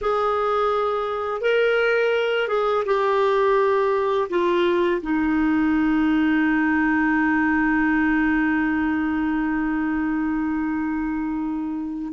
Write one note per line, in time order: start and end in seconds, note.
0.01 1.41 G#4
1.41 2.48 A#4
2.48 2.83 G#4
2.85 4.28 G4
4.29 5.01 F4
5.01 12.13 D#4